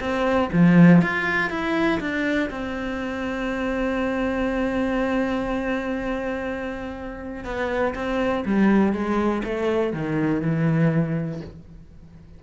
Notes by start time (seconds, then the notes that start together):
0.00 C4
0.52 F3
1.01 F4
1.50 E4
2.00 D4
2.50 C4
7.44 B3
7.95 C4
8.45 G3
8.93 G#3
9.44 A3
9.93 D#3
10.42 E3